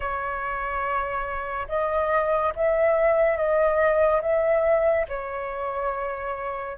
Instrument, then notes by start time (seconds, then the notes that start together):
flute
0.00 C#5
1.68 D#5
2.55 E5
3.36 D#5
4.21 E5
5.08 C#5